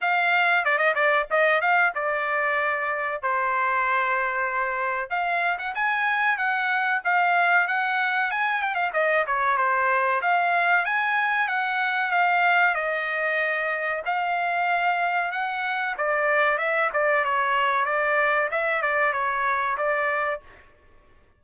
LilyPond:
\new Staff \with { instrumentName = "trumpet" } { \time 4/4 \tempo 4 = 94 f''4 d''16 dis''16 d''8 dis''8 f''8 d''4~ | d''4 c''2. | f''8. fis''16 gis''4 fis''4 f''4 | fis''4 gis''8 g''16 f''16 dis''8 cis''8 c''4 |
f''4 gis''4 fis''4 f''4 | dis''2 f''2 | fis''4 d''4 e''8 d''8 cis''4 | d''4 e''8 d''8 cis''4 d''4 | }